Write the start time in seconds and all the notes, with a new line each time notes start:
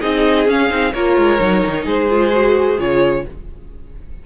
0.00 C4 D#4 G#4 D#5
0.48 C#4 F5
0.69 C4 D#4
0.94 A#3 F4 A#4 C#5
1.17 G#3
1.39 F#3 D#4
1.67 D#3
1.84 G#3 G#4 C5
2.10 F4
2.33 F#4
2.79 C#3 F4 C#5